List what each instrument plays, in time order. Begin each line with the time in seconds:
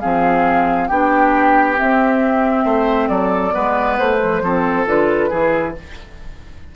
0.00 bassoon F3, clarinet C4, oboe G#4, flute F5
0.88 bassoon B3, clarinet D4, oboe G4, flute G5
1.76 clarinet C4, bassoon C4, flute E5
2.65 bassoon A3, oboe C5
3.09 bassoon F#3, oboe A4, flute D5
3.51 bassoon G#3, clarinet B3, oboe B4
3.99 bassoon A3, flute C5
4.21 clarinet F3
4.42 bassoon F3, clarinet C4, oboe A4
4.86 bassoon D3, clarinet F4, flute B4
5.30 bassoon E3, clarinet E4, oboe G#4